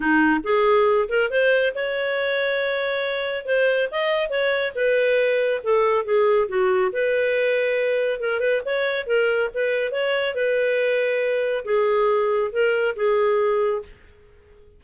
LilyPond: \new Staff \with { instrumentName = "clarinet" } { \time 4/4 \tempo 4 = 139 dis'4 gis'4. ais'8 c''4 | cis''1 | c''4 dis''4 cis''4 b'4~ | b'4 a'4 gis'4 fis'4 |
b'2. ais'8 b'8 | cis''4 ais'4 b'4 cis''4 | b'2. gis'4~ | gis'4 ais'4 gis'2 | }